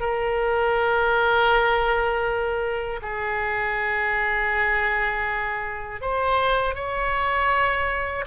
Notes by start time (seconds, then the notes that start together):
0.00 A#4
3.02 G#4
6.01 C5
6.75 C#5